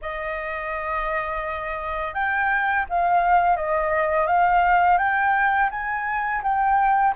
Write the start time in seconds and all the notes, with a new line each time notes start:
0.01 D#5
2.14 G5
2.89 F5
3.56 D#5
4.27 F5
4.98 G5
5.70 G#5
6.43 G5